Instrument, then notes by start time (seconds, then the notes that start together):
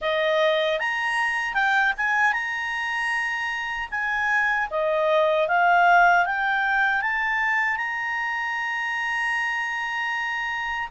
clarinet
0.01 D#5
0.79 A#5
1.54 G5
1.97 G#5
2.32 A#5
3.90 G#5
4.70 D#5
5.48 F5
6.25 G5
7.01 A5
7.76 A#5